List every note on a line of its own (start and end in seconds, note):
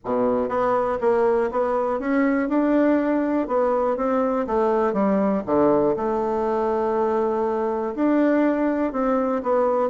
0.04 0.48 B2
0.48 0.98 B3
1.01 1.50 A#3
1.51 1.99 B3
1.99 2.48 C#4
2.48 3.47 D4
3.47 3.97 B3
3.97 4.46 C4
4.47 4.93 A3
4.93 5.43 G3
5.45 5.95 D3
5.96 7.95 A3
7.95 8.92 D4
8.92 9.42 C4
9.42 9.89 B3